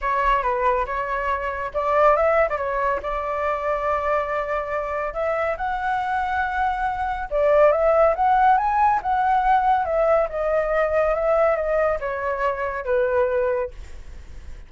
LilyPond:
\new Staff \with { instrumentName = "flute" } { \time 4/4 \tempo 4 = 140 cis''4 b'4 cis''2 | d''4 e''8. d''16 cis''4 d''4~ | d''1 | e''4 fis''2.~ |
fis''4 d''4 e''4 fis''4 | gis''4 fis''2 e''4 | dis''2 e''4 dis''4 | cis''2 b'2 | }